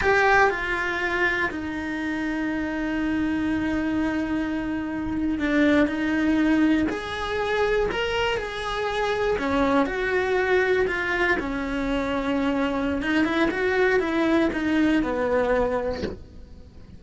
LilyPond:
\new Staff \with { instrumentName = "cello" } { \time 4/4 \tempo 4 = 120 g'4 f'2 dis'4~ | dis'1~ | dis'2~ dis'8. d'4 dis'16~ | dis'4.~ dis'16 gis'2 ais'16~ |
ais'8. gis'2 cis'4 fis'16~ | fis'4.~ fis'16 f'4 cis'4~ cis'16~ | cis'2 dis'8 e'8 fis'4 | e'4 dis'4 b2 | }